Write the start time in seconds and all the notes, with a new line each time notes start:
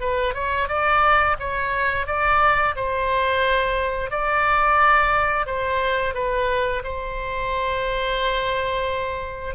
0.00 B4
0.34 C#5
0.68 D5
1.39 C#5
2.06 D5
2.76 C5
4.10 D5
5.46 C5
6.14 B4
6.84 C5